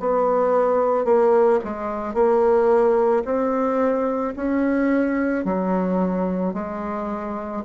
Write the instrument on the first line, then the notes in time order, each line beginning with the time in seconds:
bassoon
0.00 B3
1.05 A#3
1.65 G#3
2.15 A#3
3.25 C4
4.36 C#4
5.45 F#3
6.54 G#3